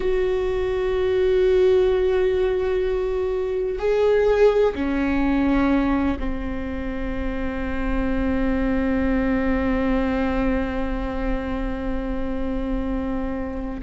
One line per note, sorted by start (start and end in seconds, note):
0.00 3.78 F#4
3.78 4.74 G#4
4.74 6.17 C#4
6.19 13.81 C4